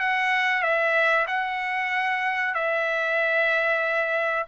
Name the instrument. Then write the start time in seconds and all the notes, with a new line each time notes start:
trumpet
0.00 F#5
0.63 E5
1.28 F#5
2.55 E5